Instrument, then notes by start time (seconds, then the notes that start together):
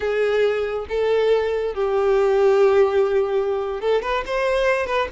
violin
0.00 G#4
0.88 A4
1.74 G4
3.80 A4
4.02 B4
4.26 C5
4.86 B4